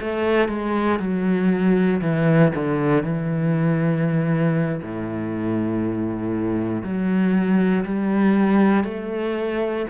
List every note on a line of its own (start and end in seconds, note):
0.00 0.49 A3
0.49 0.99 G#3
0.99 2.01 F#3
2.01 2.52 E3
2.55 3.03 D3
3.03 4.81 E3
4.82 6.83 A2
6.83 7.84 F#3
7.85 8.84 G3
8.84 9.86 A3